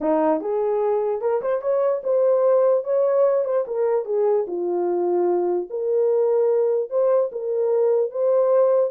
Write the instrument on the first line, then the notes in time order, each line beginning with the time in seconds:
horn
0.00 D#4
0.40 G#4
1.21 A#4
1.41 C5
1.61 C#5
2.03 C5
2.84 C#5
3.45 C5
3.67 A#4
4.05 G#4
4.47 F4
5.69 A#4
6.90 C5
7.31 A#4
8.10 C5